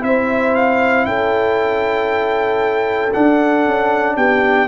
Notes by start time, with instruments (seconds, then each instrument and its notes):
0.00 tuba C4, trombone E4, horn C5, trumpet E5
0.55 trumpet F5
1.06 tuba C#4, horn A4, trumpet G5
3.13 trombone D4, tuba D4, trumpet F#5
3.66 tuba C#4
4.16 tuba B3, horn G4, trumpet G5